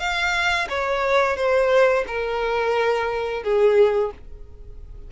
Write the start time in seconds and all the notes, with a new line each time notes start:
0.00 F5
0.70 C#5
1.37 C5
2.08 A#4
3.44 G#4